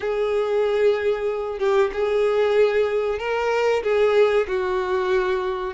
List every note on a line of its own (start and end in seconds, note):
0.00 1.58 G#4
1.58 1.90 G4
1.93 3.19 G#4
3.19 3.82 A#4
3.83 4.47 G#4
4.47 5.74 F#4